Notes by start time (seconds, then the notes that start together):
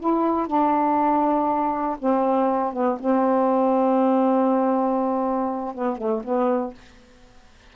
0.00 E4
0.47 D4
1.99 C4
2.73 B3
3.00 C4
5.75 B3
5.98 A3
6.24 B3